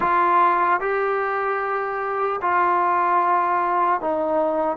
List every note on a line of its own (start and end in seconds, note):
0.00 0.80 F4
0.80 2.40 G4
2.41 4.00 F4
4.00 4.77 D#4